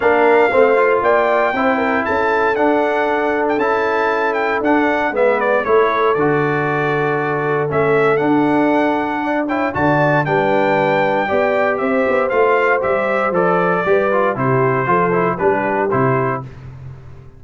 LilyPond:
<<
  \new Staff \with { instrumentName = "trumpet" } { \time 4/4 \tempo 4 = 117 f''2 g''2 | a''4 fis''4.~ fis''16 g''16 a''4~ | a''8 g''8 fis''4 e''8 d''8 cis''4 | d''2. e''4 |
fis''2~ fis''8 g''8 a''4 | g''2. e''4 | f''4 e''4 d''2 | c''2 b'4 c''4 | }
  \new Staff \with { instrumentName = "horn" } { \time 4/4 ais'4 c''4 d''4 c''8 ais'8 | a'1~ | a'2 b'4 a'4~ | a'1~ |
a'2 d''8 cis''8 d''4 | b'2 d''4 c''4~ | c''2. b'4 | g'4 a'4 g'2 | }
  \new Staff \with { instrumentName = "trombone" } { \time 4/4 d'4 c'8 f'4. e'4~ | e'4 d'2 e'4~ | e'4 d'4 b4 e'4 | fis'2. cis'4 |
d'2~ d'8 e'8 fis'4 | d'2 g'2 | f'4 g'4 a'4 g'8 f'8 | e'4 f'8 e'8 d'4 e'4 | }
  \new Staff \with { instrumentName = "tuba" } { \time 4/4 ais4 a4 ais4 c'4 | cis'4 d'2 cis'4~ | cis'4 d'4 gis4 a4 | d2. a4 |
d'2. d4 | g2 b4 c'8 b8 | a4 g4 f4 g4 | c4 f4 g4 c4 | }
>>